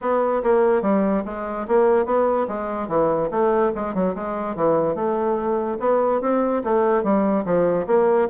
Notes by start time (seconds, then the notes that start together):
0.01 B3
0.43 A#3
0.82 G3
1.25 G#3
1.67 A#3
2.05 B3
2.48 G#3
2.88 E3
3.30 A3
3.75 G#3
3.94 F#3
4.15 G#3
4.55 E3
4.95 A3
5.79 B3
6.21 C4
6.64 A3
7.03 G3
7.45 F3
7.86 A#3